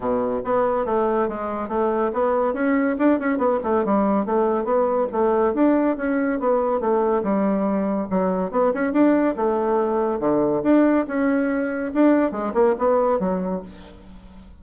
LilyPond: \new Staff \with { instrumentName = "bassoon" } { \time 4/4 \tempo 4 = 141 b,4 b4 a4 gis4 | a4 b4 cis'4 d'8 cis'8 | b8 a8 g4 a4 b4 | a4 d'4 cis'4 b4 |
a4 g2 fis4 | b8 cis'8 d'4 a2 | d4 d'4 cis'2 | d'4 gis8 ais8 b4 fis4 | }